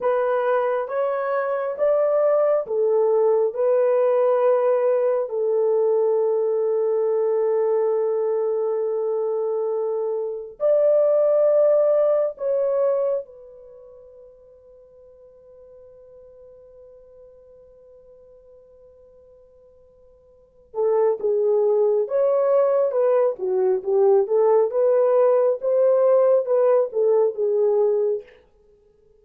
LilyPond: \new Staff \with { instrumentName = "horn" } { \time 4/4 \tempo 4 = 68 b'4 cis''4 d''4 a'4 | b'2 a'2~ | a'1 | d''2 cis''4 b'4~ |
b'1~ | b'2.~ b'8 a'8 | gis'4 cis''4 b'8 fis'8 g'8 a'8 | b'4 c''4 b'8 a'8 gis'4 | }